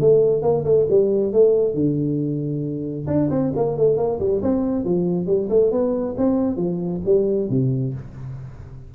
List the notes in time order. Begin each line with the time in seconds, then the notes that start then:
0.00 A3
0.42 A#3
0.64 A3
0.90 G3
1.32 A3
1.74 D3
3.07 D4
3.30 C4
3.56 A#3
3.77 A3
3.97 A#3
4.19 G3
4.42 C4
4.84 F3
5.26 G3
5.49 A3
5.71 B3
6.17 C4
6.57 F3
7.05 G3
7.49 C3